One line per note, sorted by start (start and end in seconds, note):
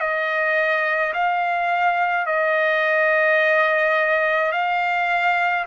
0.00 1.13 D#5
1.13 2.26 F5
2.26 4.52 D#5
4.52 5.65 F5